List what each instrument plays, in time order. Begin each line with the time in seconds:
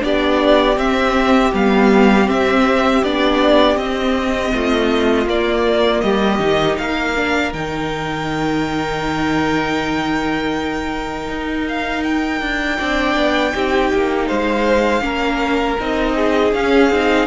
0.00 cello B3, viola D4, violin G4 D5
0.78 cello C4, viola C4, violin E5
1.53 cello G3, viola B3, violin F5
2.27 viola C4, cello C4, violin E5
3.04 cello B3, viola D4, violin D5
3.77 cello C4, viola C4, violin D#5
4.54 cello A3, violin F4
5.26 cello A#3, viola A#3, violin D5
6.01 cello G3, violin G4 D#5
6.39 cello D#3, viola D#4
6.78 cello A#3, violin A#4 F5
7.16 viola D4
7.53 cello D#3, viola D#4, violin G5
11.29 cello D#4
11.69 violin F5
12.04 violin G5
12.41 cello D4
12.78 cello C4, viola D4, violin D5
13.16 cello B3
13.53 cello C4, viola D#4, violin G4
13.94 cello A#3
14.28 cello G#3, violin C5 F5
15.01 cello A#3, viola C#4, violin A#4
15.80 cello C4, viola D#4, violin D#5
16.16 violin G#4
16.53 cello C#4, viola C#4, violin F5
16.90 cello C4, viola D#4